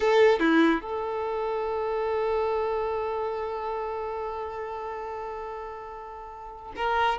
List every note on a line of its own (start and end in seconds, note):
0.00 0.39 A4
0.39 0.81 E4
0.81 6.72 A4
6.76 7.18 A#4